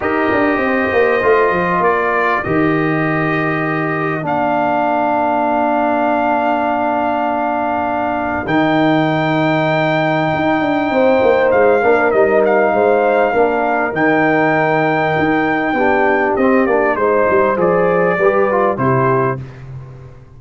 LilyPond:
<<
  \new Staff \with { instrumentName = "trumpet" } { \time 4/4 \tempo 4 = 99 dis''2. d''4 | dis''2. f''4~ | f''1~ | f''2 g''2~ |
g''2. f''4 | dis''8 f''2~ f''8 g''4~ | g''2. dis''8 d''8 | c''4 d''2 c''4 | }
  \new Staff \with { instrumentName = "horn" } { \time 4/4 ais'4 c''2 ais'4~ | ais'1~ | ais'1~ | ais'1~ |
ais'2 c''4. ais'8~ | ais'4 c''4 ais'2~ | ais'2 g'2 | c''2 b'4 g'4 | }
  \new Staff \with { instrumentName = "trombone" } { \time 4/4 g'2 f'2 | g'2. d'4~ | d'1~ | d'2 dis'2~ |
dis'2.~ dis'8 d'8 | dis'2 d'4 dis'4~ | dis'2 d'4 c'8 d'8 | dis'4 gis'4 g'8 f'8 e'4 | }
  \new Staff \with { instrumentName = "tuba" } { \time 4/4 dis'8 d'8 c'8 ais8 a8 f8 ais4 | dis2. ais4~ | ais1~ | ais2 dis2~ |
dis4 dis'8 d'8 c'8 ais8 gis8 ais8 | g4 gis4 ais4 dis4~ | dis4 dis'4 b4 c'8 ais8 | gis8 g8 f4 g4 c4 | }
>>